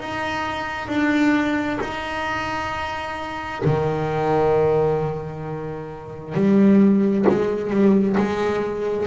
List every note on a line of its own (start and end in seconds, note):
0.00 0.88 D#4
0.88 1.79 D4
1.81 3.63 D#4
3.65 6.35 D#3
6.35 7.26 G3
7.29 7.71 G#3
7.71 8.16 G3
8.17 9.07 G#3